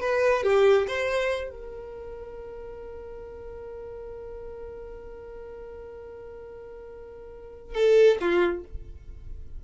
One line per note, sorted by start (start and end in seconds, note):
0.00 0.43 B4
0.43 0.86 G4
0.87 1.50 C5
1.50 7.74 A#4
7.74 8.17 A4
8.20 8.64 F4